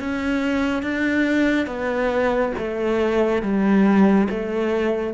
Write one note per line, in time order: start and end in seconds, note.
0.00 0.83 C#4
0.83 1.67 D4
1.67 2.52 B3
2.58 3.42 A3
3.42 4.28 G3
4.30 5.14 A3